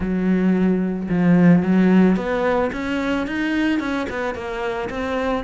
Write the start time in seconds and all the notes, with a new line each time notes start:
0.00 F#3
1.09 F3
1.62 F#3
2.16 B3
2.72 C#4
3.26 D#4
3.79 C#4
4.09 B3
4.34 A#3
4.89 C4